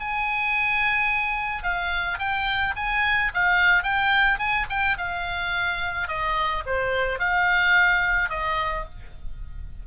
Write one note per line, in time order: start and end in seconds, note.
0.00 1.63 G#5
1.63 2.18 F5
2.19 2.74 G5
2.76 3.31 G#5
3.34 3.83 F5
3.83 4.39 G5
4.39 4.66 G#5
4.69 4.97 G5
4.97 6.08 F5
6.08 6.64 D#5
6.66 7.19 C5
7.19 8.29 F5
8.29 8.85 D#5